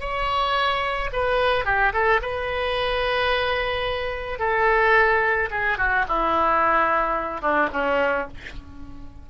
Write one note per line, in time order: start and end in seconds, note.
0.00 1.10 C#5
1.12 1.65 B4
1.65 1.92 G4
1.93 2.20 A4
2.21 4.39 B4
4.39 5.49 A4
5.50 5.77 G#4
5.77 6.05 F#4
6.08 7.41 E4
7.41 7.69 D4
7.72 8.27 C#4